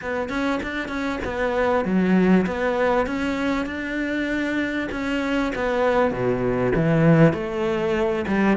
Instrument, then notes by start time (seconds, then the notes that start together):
cello
0.01 B3
0.29 C#4
0.62 D4
0.88 C#4
1.24 B3
1.84 F#3
2.46 B3
3.06 C#4
3.66 D4
4.91 C#4
5.55 B3
6.11 B2
6.75 E3
7.33 A3
8.27 G3